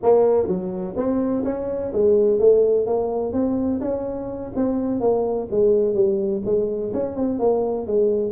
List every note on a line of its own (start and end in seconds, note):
0.02 0.47 A#3
0.47 0.94 F#3
0.96 1.44 C4
1.44 1.92 C#4
1.92 2.39 G#3
2.39 2.86 A3
2.86 3.32 A#3
3.32 3.80 C4
3.80 4.52 C#4
4.55 5.00 C4
5.00 5.48 A#3
5.50 5.94 G#3
5.94 6.42 G3
6.45 6.92 G#3
6.93 7.16 C#4
7.16 7.39 C4
7.39 7.86 A#3
7.86 8.32 G#3